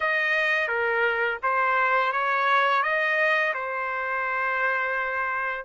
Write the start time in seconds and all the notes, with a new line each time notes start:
0.00 D#5
0.67 A#4
1.42 C5
2.12 C#5
2.82 D#5
3.54 C5